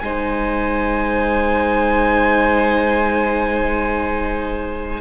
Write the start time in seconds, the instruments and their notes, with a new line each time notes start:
0.00 cello G#3, viola D#4, violin C5 G#5